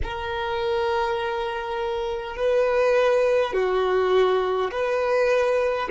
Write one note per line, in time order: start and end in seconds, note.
0.03 2.36 A#4
2.36 3.53 B4
3.53 4.71 F#4
4.71 5.88 B4